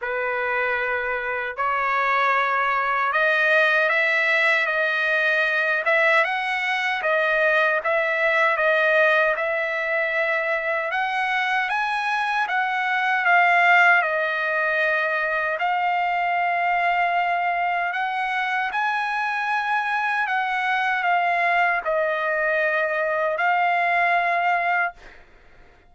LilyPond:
\new Staff \with { instrumentName = "trumpet" } { \time 4/4 \tempo 4 = 77 b'2 cis''2 | dis''4 e''4 dis''4. e''8 | fis''4 dis''4 e''4 dis''4 | e''2 fis''4 gis''4 |
fis''4 f''4 dis''2 | f''2. fis''4 | gis''2 fis''4 f''4 | dis''2 f''2 | }